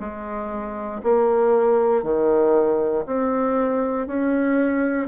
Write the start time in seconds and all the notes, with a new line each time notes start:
0.00 G#3
1.03 A#3
2.03 D#3
3.06 C4
4.07 C#4